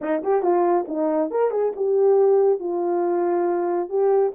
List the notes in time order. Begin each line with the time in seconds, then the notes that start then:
0.01 D#4
0.23 G4
0.42 F4
0.88 D#4
1.31 A#4
1.50 G#4
1.76 G4
2.59 F4
3.89 G4